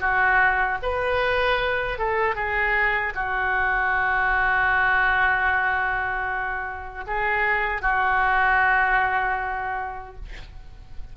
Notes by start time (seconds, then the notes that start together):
0.00 F#4
0.83 B4
1.98 A4
2.35 G#4
3.15 F#4
7.07 G#4
7.82 F#4